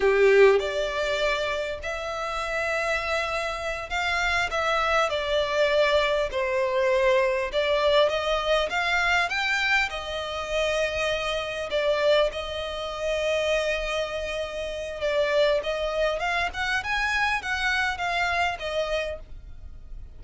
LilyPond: \new Staff \with { instrumentName = "violin" } { \time 4/4 \tempo 4 = 100 g'4 d''2 e''4~ | e''2~ e''8 f''4 e''8~ | e''8 d''2 c''4.~ | c''8 d''4 dis''4 f''4 g''8~ |
g''8 dis''2. d''8~ | d''8 dis''2.~ dis''8~ | dis''4 d''4 dis''4 f''8 fis''8 | gis''4 fis''4 f''4 dis''4 | }